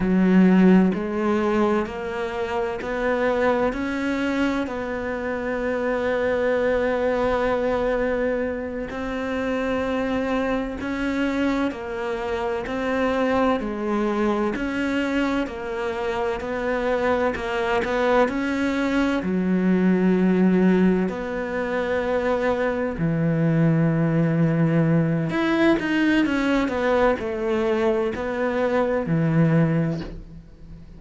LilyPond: \new Staff \with { instrumentName = "cello" } { \time 4/4 \tempo 4 = 64 fis4 gis4 ais4 b4 | cis'4 b2.~ | b4. c'2 cis'8~ | cis'8 ais4 c'4 gis4 cis'8~ |
cis'8 ais4 b4 ais8 b8 cis'8~ | cis'8 fis2 b4.~ | b8 e2~ e8 e'8 dis'8 | cis'8 b8 a4 b4 e4 | }